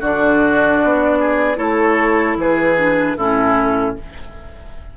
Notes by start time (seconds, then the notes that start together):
0.00 D3 D4 F#4 D5
0.83 B3
1.20 G#4
1.55 A3 E4 A4 C#5
2.36 E3 G#4 B4
2.78 D4
3.17 A2 C#4 E4 A4